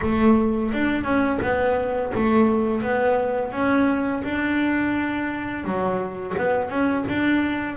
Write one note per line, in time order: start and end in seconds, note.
0.01 0.72 A3
0.73 1.03 D4
1.03 1.39 C#4
1.41 2.12 B3
2.15 2.81 A3
2.81 3.52 B3
3.52 4.22 C#4
4.23 5.64 D4
5.64 6.34 F#3
6.37 6.69 B3
6.69 7.05 C#4
7.08 7.76 D4